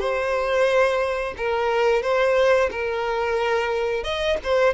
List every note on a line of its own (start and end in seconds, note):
0.00 1.35 C5
1.38 2.03 A#4
2.03 2.70 C5
2.72 4.04 A#4
4.04 4.38 D#5
4.44 4.74 C5